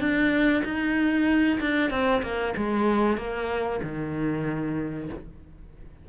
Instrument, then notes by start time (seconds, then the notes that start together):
cello
0.00 D4
0.64 D#4
1.60 D4
1.90 C4
2.23 A#3
2.57 G#3
3.18 A#3
3.83 D#3